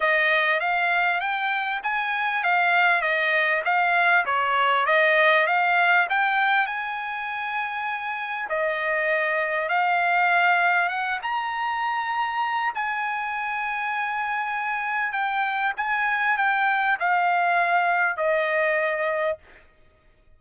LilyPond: \new Staff \with { instrumentName = "trumpet" } { \time 4/4 \tempo 4 = 99 dis''4 f''4 g''4 gis''4 | f''4 dis''4 f''4 cis''4 | dis''4 f''4 g''4 gis''4~ | gis''2 dis''2 |
f''2 fis''8 ais''4.~ | ais''4 gis''2.~ | gis''4 g''4 gis''4 g''4 | f''2 dis''2 | }